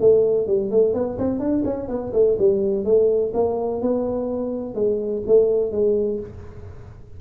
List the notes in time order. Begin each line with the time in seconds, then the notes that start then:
0.00 A3
0.47 G3
0.71 A3
0.94 B3
1.18 C4
1.39 D4
1.65 C#4
1.88 B3
2.13 A3
2.39 G3
2.85 A3
3.34 A#3
3.81 B3
4.75 G#3
5.27 A3
5.72 G#3